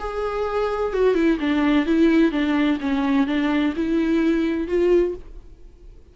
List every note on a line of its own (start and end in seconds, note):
0.00 0.94 G#4
0.94 1.15 F#4
1.15 1.38 E4
1.40 1.86 D4
1.86 2.32 E4
2.32 2.79 D4
2.81 3.27 C#4
3.27 3.74 D4
3.76 4.68 E4
4.68 5.15 F4